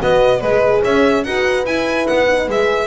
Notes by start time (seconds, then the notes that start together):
0.00 B3 F#4 B4 D#5
0.40 G#3 G#4 B4 D#5
0.83 C#4 C#5 E5
1.24 D#4 F#4 B4 F#5
1.65 E4 G#5
2.07 B3 F#5
2.29 D#4
2.48 G#3 G#4 E5